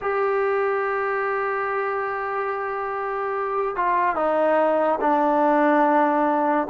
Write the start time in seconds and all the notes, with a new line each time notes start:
0.01 G4
3.76 F4
4.15 D#4
5.01 D4